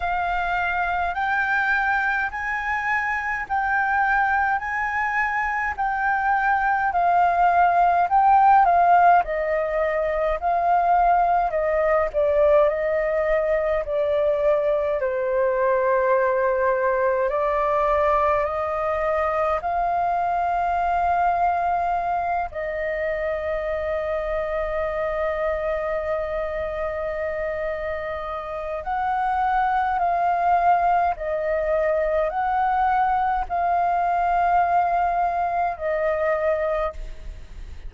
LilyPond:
\new Staff \with { instrumentName = "flute" } { \time 4/4 \tempo 4 = 52 f''4 g''4 gis''4 g''4 | gis''4 g''4 f''4 g''8 f''8 | dis''4 f''4 dis''8 d''8 dis''4 | d''4 c''2 d''4 |
dis''4 f''2~ f''8 dis''8~ | dis''1~ | dis''4 fis''4 f''4 dis''4 | fis''4 f''2 dis''4 | }